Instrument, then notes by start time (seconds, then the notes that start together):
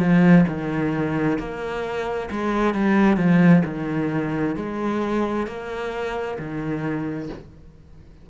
cello
0.00 F3
0.48 D#3
1.39 A#3
2.31 G#3
2.75 G3
3.17 F3
3.65 D#3
4.56 G#3
5.47 A#3
6.39 D#3